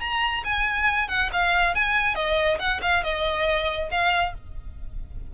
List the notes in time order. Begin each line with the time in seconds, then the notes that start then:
0.00 A#5
0.44 G#5
1.08 F#5
1.32 F5
1.75 G#5
2.15 D#5
2.59 F#5
2.82 F5
3.03 D#5
3.91 F5